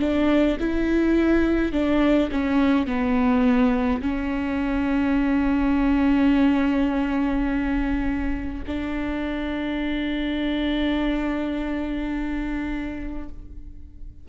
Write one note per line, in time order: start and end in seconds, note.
0.00 0.58 D4
0.60 1.73 E4
1.73 2.30 D4
2.32 2.87 C#4
2.87 4.02 B3
4.02 8.63 C#4
8.67 13.28 D4